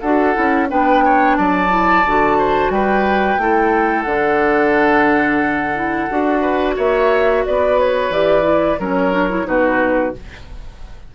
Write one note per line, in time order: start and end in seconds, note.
0.00 0.35 D4
0.00 0.34 F#4
0.00 0.68 A4
0.00 0.67 F#5
0.34 0.71 C#4
0.34 0.68 E4
0.69 1.38 B3
0.69 1.69 D4
0.69 1.04 B4
0.69 1.36 G5
1.05 1.37 C#5
1.36 2.05 F#3
1.36 2.38 D5
1.36 2.71 A5
1.69 2.02 E4
2.05 2.70 D3
2.05 3.39 F#4
2.38 2.72 C5
2.70 3.37 G3
2.70 3.41 B4
2.70 4.02 G5
3.38 4.05 A3
3.38 4.06 E4
3.38 6.41 A4
4.02 6.08 D3
4.02 5.75 D4
4.02 6.72 F#5
5.75 6.08 E4
6.10 6.78 D4
6.10 8.12 F#4
6.41 6.75 B4
6.76 7.45 A#3
6.76 7.43 C#5
6.76 7.45 E5
7.46 8.10 B3
7.46 8.79 B4
7.46 7.79 D5
7.79 8.12 C#5
8.10 8.77 E3
8.10 8.43 G4
8.10 8.80 D5
8.43 8.77 E4
8.79 9.46 F#3
8.79 9.12 C#4
8.79 9.47 A#4
8.79 9.47 C#5
9.12 9.29 D4
9.29 9.45 E4
9.45 10.14 B2
9.45 10.12 D#4
9.45 10.15 F#4
9.45 10.15 B4